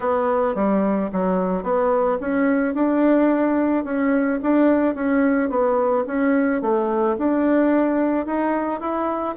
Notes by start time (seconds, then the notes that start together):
0.00 B3
0.55 G3
1.12 F#3
1.63 B3
2.20 C#4
2.74 D4
3.84 C#4
4.42 D4
4.94 C#4
5.49 B3
6.06 C#4
6.61 A3
7.17 D4
8.26 D#4
8.80 E4